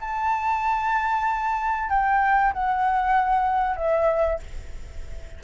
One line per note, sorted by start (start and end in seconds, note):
0.00 1.89 A5
1.89 2.53 G5
2.53 3.76 F#5
3.76 4.40 E5